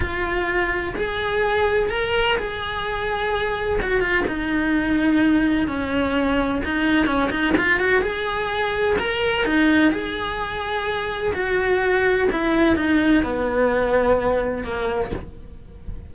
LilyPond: \new Staff \with { instrumentName = "cello" } { \time 4/4 \tempo 4 = 127 f'2 gis'2 | ais'4 gis'2. | fis'8 f'8 dis'2. | cis'2 dis'4 cis'8 dis'8 |
f'8 fis'8 gis'2 ais'4 | dis'4 gis'2. | fis'2 e'4 dis'4 | b2. ais4 | }